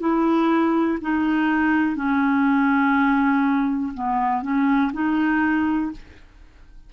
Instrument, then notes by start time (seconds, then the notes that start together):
clarinet
0.00 E4
1.02 D#4
1.96 C#4
3.94 B3
4.43 C#4
4.93 D#4